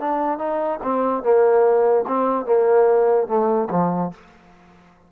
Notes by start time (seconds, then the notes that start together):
0.00 D4
0.38 D#4
0.83 C4
1.23 A#3
2.08 C4
2.46 A#3
3.28 A3
3.71 F3